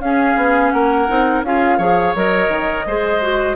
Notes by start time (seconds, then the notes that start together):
0.00 C#4 G#4 F5
0.36 B3
0.71 A#3 A#4 F#5
1.09 C4 D#4
1.43 C#4 F4 G#4 F5
1.79 F3 G#4 C#5
2.15 F#3 A#4 D#5
2.49 D#3
2.87 G#3 G#4 C5
3.23 F#4